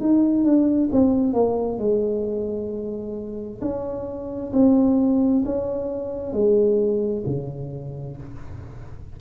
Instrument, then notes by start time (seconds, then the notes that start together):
tuba
0.00 D#4
0.44 D4
0.93 C4
1.33 A#3
1.79 G#3
3.62 C#4
4.53 C4
5.45 C#4
6.33 G#3
7.26 C#3